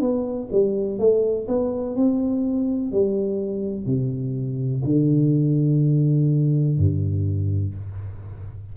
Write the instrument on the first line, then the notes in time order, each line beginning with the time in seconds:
tuba
0.00 B3
0.51 G3
0.99 A3
1.48 B3
1.96 C4
2.92 G3
3.86 C3
4.84 D3
6.78 G2